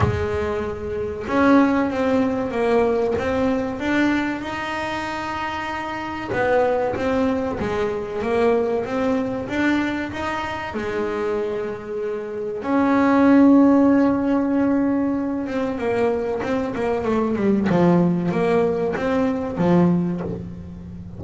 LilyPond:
\new Staff \with { instrumentName = "double bass" } { \time 4/4 \tempo 4 = 95 gis2 cis'4 c'4 | ais4 c'4 d'4 dis'4~ | dis'2 b4 c'4 | gis4 ais4 c'4 d'4 |
dis'4 gis2. | cis'1~ | cis'8 c'8 ais4 c'8 ais8 a8 g8 | f4 ais4 c'4 f4 | }